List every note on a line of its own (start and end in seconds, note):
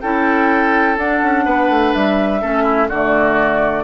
0.00 0.97 C#4
0.00 0.97 E4
0.00 1.45 A4
0.00 0.96 G5
0.97 1.21 D4
0.97 2.41 D4
0.97 1.93 F#5
1.22 1.45 C#4
1.45 1.69 B3
1.45 2.41 B4
1.69 1.93 A3
1.93 2.42 G3
1.93 2.89 E5
2.41 2.90 A3
2.41 2.89 C#4
2.41 2.62 A4
2.62 2.87 E4
2.88 3.83 D3
2.88 3.83 A3
2.88 3.83 F#4
2.88 3.83 D5